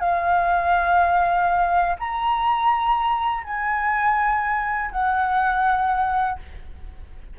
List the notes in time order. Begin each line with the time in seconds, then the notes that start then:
0.00 F5
2.00 A#5
3.44 G#5
4.92 F#5